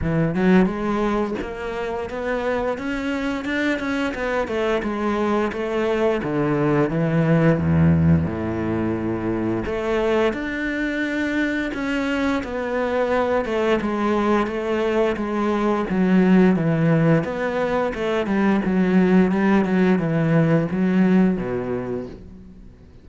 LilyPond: \new Staff \with { instrumentName = "cello" } { \time 4/4 \tempo 4 = 87 e8 fis8 gis4 ais4 b4 | cis'4 d'8 cis'8 b8 a8 gis4 | a4 d4 e4 e,4 | a,2 a4 d'4~ |
d'4 cis'4 b4. a8 | gis4 a4 gis4 fis4 | e4 b4 a8 g8 fis4 | g8 fis8 e4 fis4 b,4 | }